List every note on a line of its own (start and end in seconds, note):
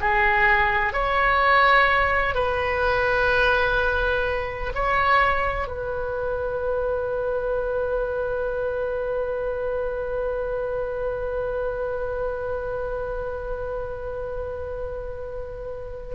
0.00 0.93 G#4
0.93 2.34 C#5
2.34 4.72 B4
4.74 5.67 C#5
5.67 16.15 B4